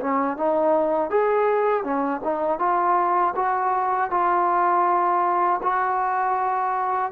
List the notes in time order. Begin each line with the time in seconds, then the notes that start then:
0.00 C#4
0.37 D#4
1.10 G#4
1.83 C#4
2.23 D#4
2.59 F4
3.35 F#4
4.10 F4
5.62 F#4